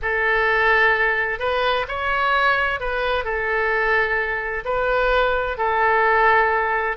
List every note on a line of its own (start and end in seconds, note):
0.01 1.39 A4
1.39 1.85 B4
1.88 2.80 C#5
2.80 3.24 B4
3.24 4.64 A4
4.64 5.57 B4
5.57 6.96 A4